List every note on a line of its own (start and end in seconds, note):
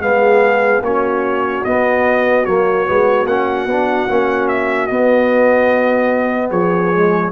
0.00 0.81 G#3
0.00 0.83 B3
0.00 0.84 G#4
0.00 0.83 F5
0.81 1.62 A#3
0.81 1.65 C#4
0.81 6.50 F#4
0.81 1.65 C#5
1.65 2.47 B3
1.65 2.45 D#5
2.45 2.87 F#3
2.45 2.86 A#3
2.45 3.27 C#5
2.86 3.26 G#3
2.86 3.27 B3
3.26 3.66 A#3
3.26 3.69 C#4
3.26 4.48 F#5
3.66 4.07 B3
3.66 4.08 D4
4.08 4.90 A#3
4.08 4.90 C#4
4.49 4.87 E5
4.87 6.92 B3
4.87 6.51 B3
4.87 6.49 D#5
6.50 7.32 F3
6.50 7.31 G#4
6.50 7.32 C#5
6.93 7.32 G#3